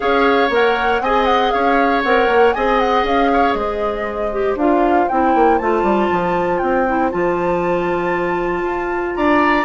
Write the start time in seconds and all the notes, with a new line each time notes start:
0.00 C#4 G#4 C#5 F5
0.49 A#3 A#4 F#5
1.00 C4 G#4 D#5 G#5
1.25 F#5
1.50 C#4 C#5 F5
2.03 C4 A#4 F#5
2.27 A#3
2.53 C4 G#4 D#5 G#5
2.79 F#5
3.03 C#4 F5
3.33 C#5
3.53 G#3 C5 D#5
4.32 G4
4.55 D4 F4 F5
5.08 C4 E4 G5
5.34 A#3
5.58 A3 F4 A5
5.83 G3
6.11 F3
6.58 C4 G5
6.87 E4
7.11 F3 F4 A5
8.62 F4
9.15 D4 D5 A#5